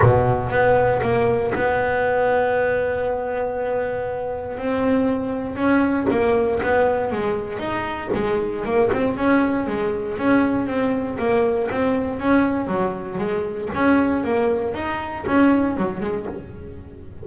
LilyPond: \new Staff \with { instrumentName = "double bass" } { \time 4/4 \tempo 4 = 118 b,4 b4 ais4 b4~ | b1~ | b4 c'2 cis'4 | ais4 b4 gis4 dis'4 |
gis4 ais8 c'8 cis'4 gis4 | cis'4 c'4 ais4 c'4 | cis'4 fis4 gis4 cis'4 | ais4 dis'4 cis'4 fis8 gis8 | }